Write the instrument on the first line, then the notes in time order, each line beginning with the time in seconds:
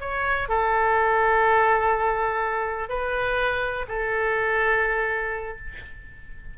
oboe
0.00 C#5
0.48 A4
2.89 B4
3.88 A4